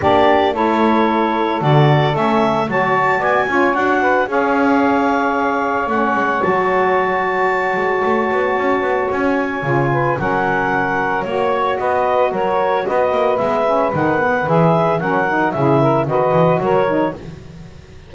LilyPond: <<
  \new Staff \with { instrumentName = "clarinet" } { \time 4/4 \tempo 4 = 112 d''4 cis''2 d''4 | e''4 a''4 gis''4 fis''4 | f''2. fis''4 | a''1~ |
a''4 gis''2 fis''4~ | fis''4 cis''4 dis''4 cis''4 | dis''4 e''4 fis''4 e''4 | fis''4 e''4 dis''4 cis''4 | }
  \new Staff \with { instrumentName = "saxophone" } { \time 4/4 g'4 a'2.~ | a'4 cis''4 d''8 cis''4 b'8 | cis''1~ | cis''1~ |
cis''2~ cis''8 b'8 ais'4~ | ais'4 cis''4 b'4 ais'4 | b'1 | ais'4 gis'8 ais'8 b'4 ais'4 | }
  \new Staff \with { instrumentName = "saxophone" } { \time 4/4 d'4 e'2 fis'4 | cis'4 fis'4. f'8 fis'4 | gis'2. cis'4 | fis'1~ |
fis'2 f'4 cis'4~ | cis'4 fis'2.~ | fis'4 b8 cis'8 dis'8 b8 gis'4 | cis'8 dis'8 e'4 fis'4. dis'8 | }
  \new Staff \with { instrumentName = "double bass" } { \time 4/4 ais4 a2 d4 | a4 fis4 b8 cis'8 d'4 | cis'2. a8 gis8 | fis2~ fis8 gis8 a8 b8 |
cis'8 b8 cis'4 cis4 fis4~ | fis4 ais4 b4 fis4 | b8 ais8 gis4 dis4 e4 | fis4 cis4 dis8 e8 fis4 | }
>>